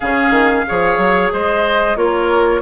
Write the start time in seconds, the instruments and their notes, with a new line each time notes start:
0.00 bassoon C#3, clarinet C#4, oboe G#4, flute F5
0.30 bassoon D#3
0.66 bassoon F3, clarinet G#4, oboe C#5
0.97 bassoon F#3
1.32 bassoon G#3, oboe C5, flute D#5
1.96 bassoon A#3, clarinet F4, oboe A#4, flute C#5